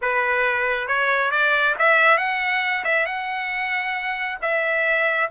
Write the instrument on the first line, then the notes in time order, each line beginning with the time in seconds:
trumpet
0.01 B4
0.87 C#5
1.31 D5
1.78 E5
2.17 F#5
2.84 E5
3.06 F#5
4.41 E5